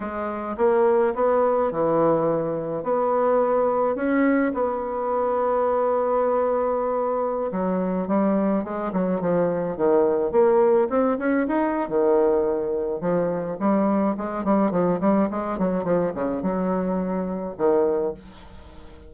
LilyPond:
\new Staff \with { instrumentName = "bassoon" } { \time 4/4 \tempo 4 = 106 gis4 ais4 b4 e4~ | e4 b2 cis'4 | b1~ | b4~ b16 fis4 g4 gis8 fis16~ |
fis16 f4 dis4 ais4 c'8 cis'16~ | cis'16 dis'8. dis2 f4 | g4 gis8 g8 f8 g8 gis8 fis8 | f8 cis8 fis2 dis4 | }